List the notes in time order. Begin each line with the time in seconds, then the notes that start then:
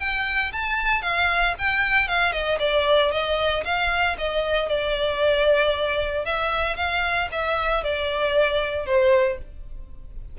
0.00 G5
0.53 A5
1.02 F5
1.59 G5
2.08 F5
2.32 D#5
2.60 D5
3.12 D#5
3.65 F5
4.18 D#5
4.69 D5
6.25 E5
6.77 F5
7.32 E5
7.84 D5
8.86 C5